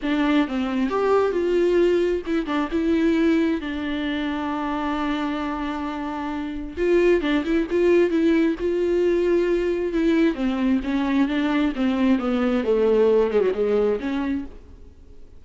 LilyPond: \new Staff \with { instrumentName = "viola" } { \time 4/4 \tempo 4 = 133 d'4 c'4 g'4 f'4~ | f'4 e'8 d'8 e'2 | d'1~ | d'2. f'4 |
d'8 e'8 f'4 e'4 f'4~ | f'2 e'4 c'4 | cis'4 d'4 c'4 b4 | a4. gis16 fis16 gis4 cis'4 | }